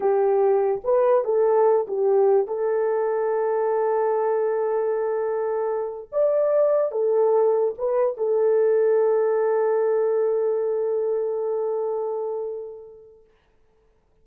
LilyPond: \new Staff \with { instrumentName = "horn" } { \time 4/4 \tempo 4 = 145 g'2 b'4 a'4~ | a'8 g'4. a'2~ | a'1~ | a'2~ a'8. d''4~ d''16~ |
d''8. a'2 b'4 a'16~ | a'1~ | a'1~ | a'1 | }